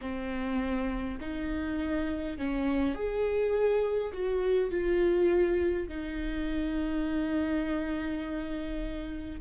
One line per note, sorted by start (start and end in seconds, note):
0.01 1.19 C4
1.20 2.37 D#4
2.37 2.94 C#4
2.94 4.12 G#4
4.12 4.71 F#4
4.71 5.88 F4
5.88 9.40 D#4